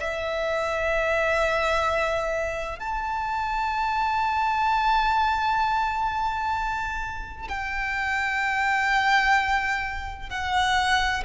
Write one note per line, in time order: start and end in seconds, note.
0.00 2.80 E5
2.80 7.48 A5
7.48 10.30 G5
10.30 11.24 F#5